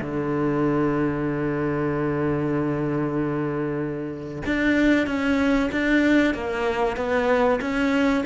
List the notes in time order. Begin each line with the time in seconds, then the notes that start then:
0.00 D3
4.46 D4
5.06 C#4
5.71 D4
6.34 A#3
6.96 B3
7.60 C#4